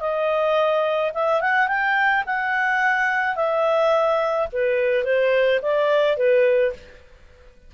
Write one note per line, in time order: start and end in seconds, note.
0.00 1.12 D#5
1.14 1.41 E5
1.41 1.68 F#5
1.68 2.24 G5
2.26 3.35 F#5
3.35 4.48 E5
4.52 5.04 B4
5.04 5.60 C5
5.62 6.17 D5
6.17 6.73 B4